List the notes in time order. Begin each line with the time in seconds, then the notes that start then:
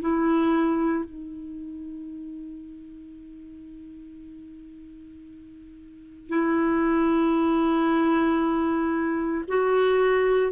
0.00 E4
1.04 D#4
6.29 E4
9.48 F#4